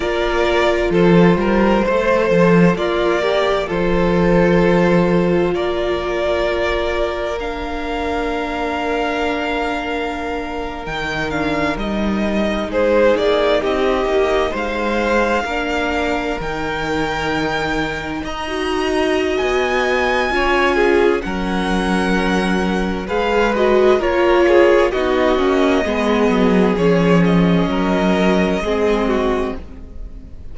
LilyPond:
<<
  \new Staff \with { instrumentName = "violin" } { \time 4/4 \tempo 4 = 65 d''4 c''2 d''4 | c''2 d''2 | f''2.~ f''8. g''16~ | g''16 f''8 dis''4 c''8 d''8 dis''4 f''16~ |
f''4.~ f''16 g''2 ais''16~ | ais''4 gis''2 fis''4~ | fis''4 f''8 dis''8 cis''4 dis''4~ | dis''4 cis''8 dis''2~ dis''8 | }
  \new Staff \with { instrumentName = "violin" } { \time 4/4 ais'4 a'8 ais'8 c''4 f'8 g'8 | a'2 ais'2~ | ais'1~ | ais'4.~ ais'16 gis'4 g'4 c''16~ |
c''8. ais'2. dis''16~ | dis''2 cis''8 gis'8 ais'4~ | ais'4 b'4 ais'8 gis'8 fis'4 | gis'2 ais'4 gis'8 fis'8 | }
  \new Staff \with { instrumentName = "viola" } { \time 4/4 f'2 a'4 ais'4 | f'1 | d'2.~ d'8. dis'16~ | dis'16 d'8 dis'2.~ dis'16~ |
dis'8. d'4 dis'2~ dis'16 | fis'2 f'4 cis'4~ | cis'4 gis'8 fis'8 f'4 dis'8 cis'8 | b4 cis'2 c'4 | }
  \new Staff \with { instrumentName = "cello" } { \time 4/4 ais4 f8 g8 a8 f8 ais4 | f2 ais2~ | ais2.~ ais8. dis16~ | dis8. g4 gis8 ais8 c'8 ais8 gis16~ |
gis8. ais4 dis2 dis'16~ | dis'4 b4 cis'4 fis4~ | fis4 gis4 ais4 b8 ais8 | gis8 fis8 f4 fis4 gis4 | }
>>